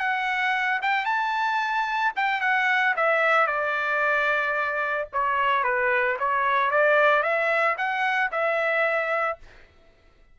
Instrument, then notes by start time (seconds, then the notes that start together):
trumpet
0.00 F#5
0.83 G5
1.06 A5
2.16 G5
2.41 F#5
2.97 E5
3.47 D5
5.13 C#5
5.64 B4
6.20 C#5
6.71 D5
7.23 E5
7.78 F#5
8.32 E5